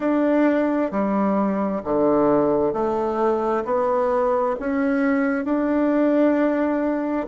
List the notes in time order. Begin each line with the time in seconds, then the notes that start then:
0.00 D4
0.91 G3
1.84 D3
2.73 A3
3.64 B3
4.59 C#4
5.45 D4